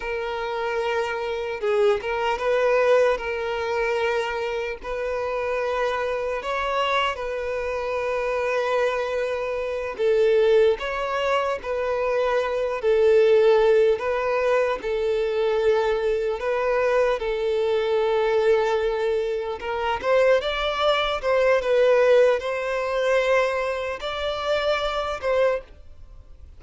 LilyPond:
\new Staff \with { instrumentName = "violin" } { \time 4/4 \tempo 4 = 75 ais'2 gis'8 ais'8 b'4 | ais'2 b'2 | cis''4 b'2.~ | b'8 a'4 cis''4 b'4. |
a'4. b'4 a'4.~ | a'8 b'4 a'2~ a'8~ | a'8 ais'8 c''8 d''4 c''8 b'4 | c''2 d''4. c''8 | }